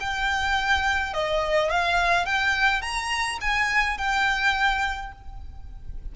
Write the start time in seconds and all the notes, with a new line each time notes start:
0.00 G5
1.14 D#5
1.70 F5
2.26 G5
2.82 A#5
3.41 G#5
3.98 G5